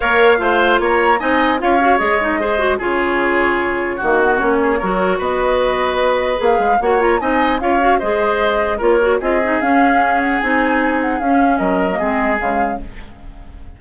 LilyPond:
<<
  \new Staff \with { instrumentName = "flute" } { \time 4/4 \tempo 4 = 150 f''2 ais''4 gis''4 | f''4 dis''2 cis''4~ | cis''2 fis'4 cis''4~ | cis''4 dis''2. |
f''4 fis''8 ais''8 gis''4 f''4 | dis''2 cis''4 dis''4 | f''4. fis''8 gis''4. fis''8 | f''4 dis''2 f''4 | }
  \new Staff \with { instrumentName = "oboe" } { \time 4/4 cis''4 c''4 cis''4 dis''4 | cis''2 c''4 gis'4~ | gis'2 fis'4. gis'8 | ais'4 b'2.~ |
b'4 cis''4 dis''4 cis''4 | c''2 ais'4 gis'4~ | gis'1~ | gis'4 ais'4 gis'2 | }
  \new Staff \with { instrumentName = "clarinet" } { \time 4/4 ais'4 f'2 dis'4 | f'8 fis'8 gis'8 dis'8 gis'8 fis'8 f'4~ | f'2 ais8 b8 cis'4 | fis'1 |
gis'4 fis'8 f'8 dis'4 f'8 fis'8 | gis'2 f'8 fis'8 f'8 dis'8 | cis'2 dis'2 | cis'4.~ cis'16 ais16 c'4 gis4 | }
  \new Staff \with { instrumentName = "bassoon" } { \time 4/4 ais4 a4 ais4 c'4 | cis'4 gis2 cis4~ | cis2 dis4 ais4 | fis4 b2. |
ais8 gis8 ais4 c'4 cis'4 | gis2 ais4 c'4 | cis'2 c'2 | cis'4 fis4 gis4 cis4 | }
>>